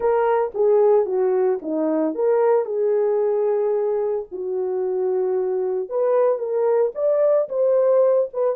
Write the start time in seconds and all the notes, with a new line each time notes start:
0.00 A#4
0.54 G#4
1.05 F#4
1.62 D#4
2.14 A#4
2.65 G#4
4.31 F#4
5.89 B4
6.38 A#4
6.94 D5
7.48 C5
8.33 B4